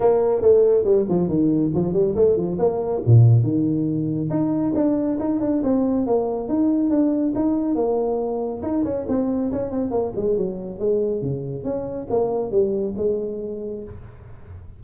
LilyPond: \new Staff \with { instrumentName = "tuba" } { \time 4/4 \tempo 4 = 139 ais4 a4 g8 f8 dis4 | f8 g8 a8 f8 ais4 ais,4 | dis2 dis'4 d'4 | dis'8 d'8 c'4 ais4 dis'4 |
d'4 dis'4 ais2 | dis'8 cis'8 c'4 cis'8 c'8 ais8 gis8 | fis4 gis4 cis4 cis'4 | ais4 g4 gis2 | }